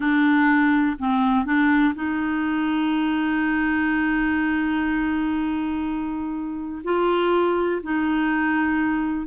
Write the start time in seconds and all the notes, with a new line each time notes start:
0.00 D4
0.98 C4
1.45 D4
1.94 D#4
6.84 F4
7.82 D#4